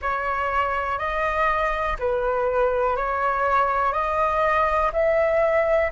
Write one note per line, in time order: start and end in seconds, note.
0.01 0.98 C#5
0.98 1.96 D#5
1.99 2.96 B4
2.96 3.93 C#5
3.93 4.91 D#5
4.92 5.91 E5